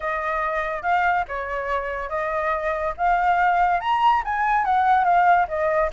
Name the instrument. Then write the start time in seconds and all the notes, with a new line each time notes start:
flute
0.00 D#5
0.82 F5
1.28 C#5
2.09 D#5
2.97 F5
3.80 A#5
4.24 G#5
4.65 F#5
5.04 F5
5.48 D#5